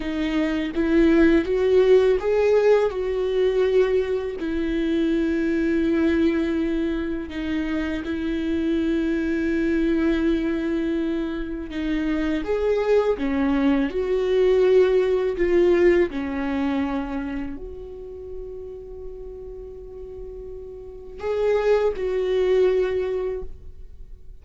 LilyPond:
\new Staff \with { instrumentName = "viola" } { \time 4/4 \tempo 4 = 82 dis'4 e'4 fis'4 gis'4 | fis'2 e'2~ | e'2 dis'4 e'4~ | e'1 |
dis'4 gis'4 cis'4 fis'4~ | fis'4 f'4 cis'2 | fis'1~ | fis'4 gis'4 fis'2 | }